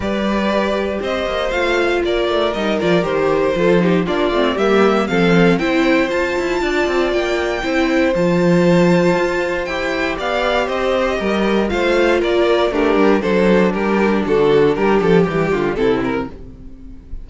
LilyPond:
<<
  \new Staff \with { instrumentName = "violin" } { \time 4/4 \tempo 4 = 118 d''2 dis''4 f''4 | d''4 dis''8 d''8 c''2 | d''4 e''4 f''4 g''4 | a''2 g''2 |
a''2. g''4 | f''4 dis''2 f''4 | d''4 ais'4 c''4 ais'4 | a'4 ais'8 a'8 g'4 a'8 ais'8 | }
  \new Staff \with { instrumentName = "violin" } { \time 4/4 b'2 c''2 | ais'2. a'8 g'8 | f'4 g'4 a'4 c''4~ | c''4 d''2 c''4~ |
c''1 | d''4 c''4 ais'4 c''4 | ais'4 d'4 a'4 g'4 | fis'4 g'4. f'8 e'4 | }
  \new Staff \with { instrumentName = "viola" } { \time 4/4 g'2. f'4~ | f'4 dis'8 f'8 g'4 f'8 dis'8 | d'8 c'8 ais4 c'4 e'4 | f'2. e'4 |
f'2. g'4~ | g'2. f'4~ | f'4 g'4 d'2~ | d'2 g4 c'4 | }
  \new Staff \with { instrumentName = "cello" } { \time 4/4 g2 c'8 ais8 a4 | ais8 a8 g8 f8 dis4 f4 | ais8 a8 g4 f4 c'4 | f'8 e'8 d'8 c'8 ais4 c'4 |
f2 f'4 e'4 | b4 c'4 g4 a4 | ais4 a8 g8 fis4 g4 | d4 g8 f8 e8 d8 c4 | }
>>